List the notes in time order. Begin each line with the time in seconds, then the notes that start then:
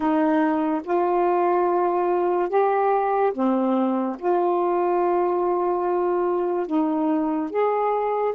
0.00 D#4
0.83 F4
2.49 G4
3.33 C4
4.19 F4
6.67 D#4
7.50 G#4